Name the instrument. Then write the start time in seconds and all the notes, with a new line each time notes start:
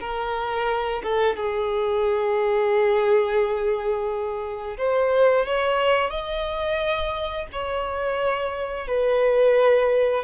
violin
0.00 A#4
1.03 A4
1.36 G#4
4.78 C5
5.46 C#5
6.10 D#5
7.52 C#5
8.87 B4